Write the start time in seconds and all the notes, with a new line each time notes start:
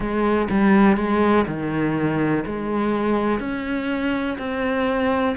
0.00 G#3
0.50 G3
0.96 G#3
1.47 D#3
2.45 G#3
3.39 C#4
4.38 C4